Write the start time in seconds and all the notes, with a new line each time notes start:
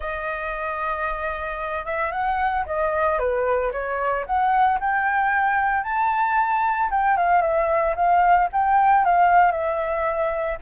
0.00 D#5
1.85 E5
2.11 F#5
2.65 D#5
3.18 B4
3.72 C#5
4.26 F#5
4.80 G5
5.83 A5
6.90 G5
7.17 F5
7.41 E5
7.95 F5
8.52 G5
9.04 F5
9.51 E5